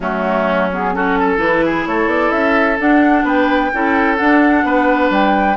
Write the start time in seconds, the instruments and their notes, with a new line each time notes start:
0.00 bassoon F#3, clarinet A3, oboe C#4, flute F#4
0.72 clarinet B3, flute G#4
0.93 clarinet C#4, oboe F#4, flute A4
1.19 oboe A4
1.37 bassoon E3, clarinet E4, flute B4
1.65 oboe G#4
1.86 bassoon A3, oboe A4, flute C#5
2.06 bassoon B3, flute D5
2.31 bassoon C#4, flute E5
2.78 clarinet D4, bassoon D4, flute F#5
3.23 bassoon B3, oboe B4, flute G5
3.73 bassoon C#4, clarinet E4, oboe A4
4.16 clarinet D4, bassoon D4, flute F#5
4.63 bassoon B3, oboe B4
5.10 bassoon G3, flute G5